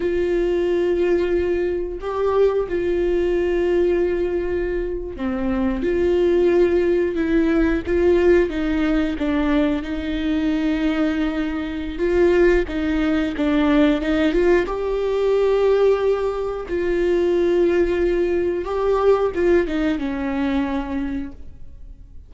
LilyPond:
\new Staff \with { instrumentName = "viola" } { \time 4/4 \tempo 4 = 90 f'2. g'4 | f'2.~ f'8. c'16~ | c'8. f'2 e'4 f'16~ | f'8. dis'4 d'4 dis'4~ dis'16~ |
dis'2 f'4 dis'4 | d'4 dis'8 f'8 g'2~ | g'4 f'2. | g'4 f'8 dis'8 cis'2 | }